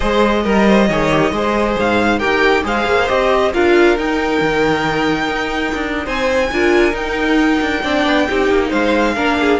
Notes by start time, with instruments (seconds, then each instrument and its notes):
0.00 cello G#3, viola G#4, violin C5 D#5
0.44 cello G3, violin A#4, viola A#4
0.67 violin C5
0.88 cello D#3, viola G#4, violin C#5
1.10 viola G4
1.31 cello G#3, viola G#4, violin C5
1.79 cello G#2, violin F5
2.18 cello D#4, viola G4, violin A#4 G5
2.63 cello G#3, viola G#4, violin C5 F5
2.86 cello A#3
3.07 cello C4, viola G4, violin D#5
3.53 cello D4, viola F4, violin A#4 F5
3.96 viola D#4, cello D#4, violin G5
4.40 cello D#3
5.28 cello D#4
5.74 cello D4
6.04 cello C4, violin C5 G#5
6.51 cello D4, viola F4, violin A#4
6.91 viola D#4, cello D#4, violin G5
7.61 cello D4
7.83 cello C4, viola D4, violin D5
8.05 cello B3
8.28 cello C4, viola D#4, violin G4
8.49 cello A#3
8.69 cello G#3, violin C5 F5
9.14 cello A#3, viola D4, violin A#4
9.40 violin G#4